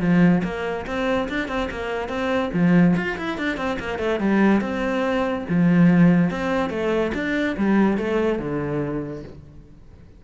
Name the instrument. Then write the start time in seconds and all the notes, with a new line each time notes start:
cello
0.00 F3
0.43 A#3
0.86 C4
1.29 D4
1.48 C4
1.71 A#3
2.08 C4
2.53 F3
2.96 F4
3.17 E4
3.37 D4
3.57 C4
3.79 A#3
3.98 A3
4.19 G3
4.61 C4
5.49 F3
6.30 C4
6.69 A3
7.14 D4
7.57 G3
7.97 A3
8.39 D3